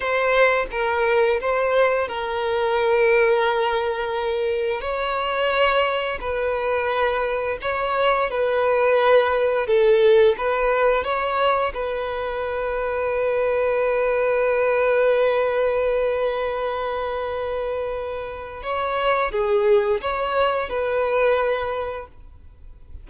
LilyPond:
\new Staff \with { instrumentName = "violin" } { \time 4/4 \tempo 4 = 87 c''4 ais'4 c''4 ais'4~ | ais'2. cis''4~ | cis''4 b'2 cis''4 | b'2 a'4 b'4 |
cis''4 b'2.~ | b'1~ | b'2. cis''4 | gis'4 cis''4 b'2 | }